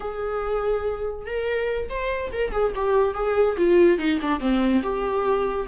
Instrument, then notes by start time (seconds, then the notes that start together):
viola
0.00 G#4
1.25 A#4
1.89 C5
2.32 A#4
2.51 G#4
2.75 G4
3.14 G#4
3.57 F4
3.98 D#4
4.21 D4
4.39 C4
4.82 G4